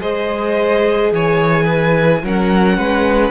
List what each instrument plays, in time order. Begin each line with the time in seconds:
0.00 cello G#3, viola G#4, violin C5 D#5
1.12 cello E3, violin C#5 G#5
1.64 violin B4
2.23 cello F#3, viola C#4, violin A#4 F#5
2.78 cello G#3, violin B4